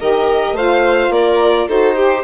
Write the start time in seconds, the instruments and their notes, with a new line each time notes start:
0.00 bassoon D#3, saxophone G4, violin A#4 D#5
0.53 bassoon A3, saxophone F4, violin C5 F5
1.10 bassoon A#3, violin A#4 D5
1.69 bassoon D#4, saxophone F#4, violin A4 C5
1.97 violin G4, saxophone G4